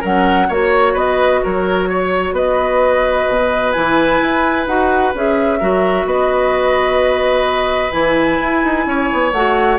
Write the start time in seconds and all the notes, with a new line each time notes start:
0.00 F#3 C#4 A#4 F#5
0.48 A#3 F#4 C#5
0.93 B3 B4 D#5
1.43 F#3 A#4 C#5
1.89 C#5
2.32 B3 B4 D#5
3.28 B2
3.72 E3 E4 G#5
4.21 E4
4.66 D#4 F#4 F#5
5.14 C#4 G#4 E5
5.59 F#3 F#4 A#4
6.05 B3 B4 D#5
7.91 E3 E4 G#5
8.40 E4
8.64 D#4
8.86 C#4 C#5
9.12 B3
9.31 A3 F#4 F#5